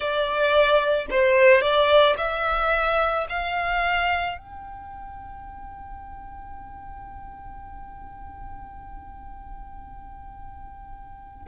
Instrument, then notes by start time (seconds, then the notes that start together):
violin
0.00 D5
1.10 C5
1.61 D5
2.17 E5
3.29 F5
4.37 G5